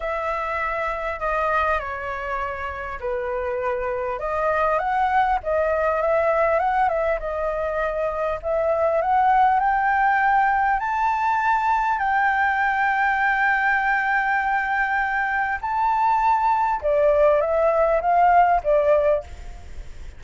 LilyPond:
\new Staff \with { instrumentName = "flute" } { \time 4/4 \tempo 4 = 100 e''2 dis''4 cis''4~ | cis''4 b'2 dis''4 | fis''4 dis''4 e''4 fis''8 e''8 | dis''2 e''4 fis''4 |
g''2 a''2 | g''1~ | g''2 a''2 | d''4 e''4 f''4 d''4 | }